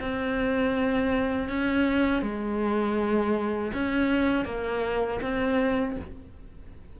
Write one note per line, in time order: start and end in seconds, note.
0.00 1.49 C4
1.49 2.22 C#4
2.22 3.72 G#3
3.73 4.45 C#4
4.45 5.20 A#3
5.21 5.96 C4